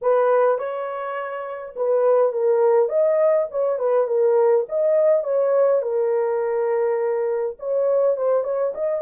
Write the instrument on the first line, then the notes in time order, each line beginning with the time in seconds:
horn
0.01 B4
0.58 C#5
1.76 B4
2.32 A#4
2.88 D#5
3.51 C#5
3.78 B4
4.07 A#4
4.69 D#5
5.23 C#5
5.81 A#4
7.59 C#5
8.17 C5
8.43 C#5
8.74 D#5